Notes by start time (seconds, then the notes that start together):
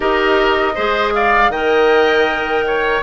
0.00 D#4 G4 A#4 D#5
0.75 G#3 G#4 C5
1.14 D5 F5
1.48 D#3 A#4 D#5 G5
2.66 C#5